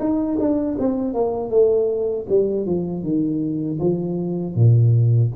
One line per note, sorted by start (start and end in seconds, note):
0.00 0.38 D#4
0.40 0.78 D4
0.79 1.14 C4
1.14 1.50 A#3
1.50 2.26 A3
2.29 2.66 G3
2.66 3.03 F3
3.03 3.79 D#3
3.80 4.55 F3
4.55 5.31 A#2